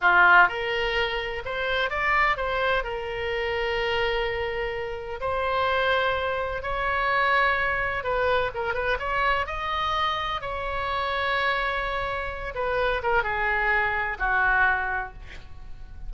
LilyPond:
\new Staff \with { instrumentName = "oboe" } { \time 4/4 \tempo 4 = 127 f'4 ais'2 c''4 | d''4 c''4 ais'2~ | ais'2. c''4~ | c''2 cis''2~ |
cis''4 b'4 ais'8 b'8 cis''4 | dis''2 cis''2~ | cis''2~ cis''8 b'4 ais'8 | gis'2 fis'2 | }